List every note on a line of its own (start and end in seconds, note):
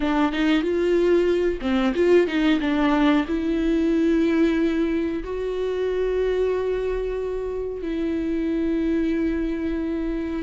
0.00 0.32 D4
0.32 0.62 D#4
0.62 1.59 F4
1.61 1.94 C4
1.94 2.27 F4
2.27 2.59 D#4
2.60 3.25 D4
3.27 5.23 E4
5.24 7.82 F#4
7.82 10.43 E4